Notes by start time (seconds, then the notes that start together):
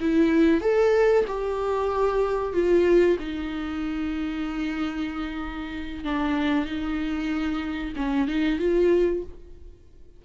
0.00 E4
0.61 A4
1.27 G4
2.53 F4
3.19 D#4
6.04 D4
6.65 D#4
7.96 C#4
8.27 D#4
8.59 F4